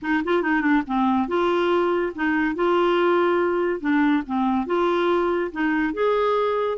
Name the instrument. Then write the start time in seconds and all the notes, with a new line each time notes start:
clarinet
0.02 D#4
0.24 F4
0.42 D#4
0.61 D4
0.86 C4
1.27 F4
2.15 D#4
2.55 F4
3.80 D4
4.26 C4
4.66 F4
5.51 D#4
5.93 G#4